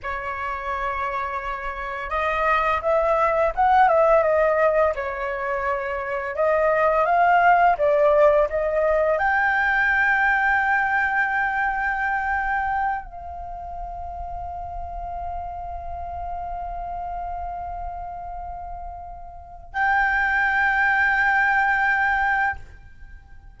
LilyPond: \new Staff \with { instrumentName = "flute" } { \time 4/4 \tempo 4 = 85 cis''2. dis''4 | e''4 fis''8 e''8 dis''4 cis''4~ | cis''4 dis''4 f''4 d''4 | dis''4 g''2.~ |
g''2~ g''8 f''4.~ | f''1~ | f''1 | g''1 | }